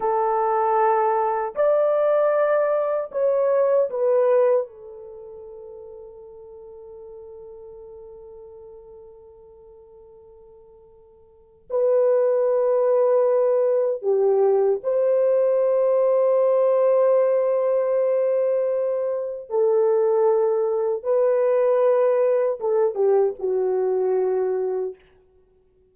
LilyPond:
\new Staff \with { instrumentName = "horn" } { \time 4/4 \tempo 4 = 77 a'2 d''2 | cis''4 b'4 a'2~ | a'1~ | a'2. b'4~ |
b'2 g'4 c''4~ | c''1~ | c''4 a'2 b'4~ | b'4 a'8 g'8 fis'2 | }